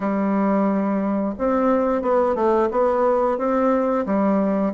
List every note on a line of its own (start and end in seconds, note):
0.00 1.34 G3
1.38 2.01 C4
2.01 2.35 B3
2.35 2.68 A3
2.71 3.37 B3
3.37 4.05 C4
4.05 4.73 G3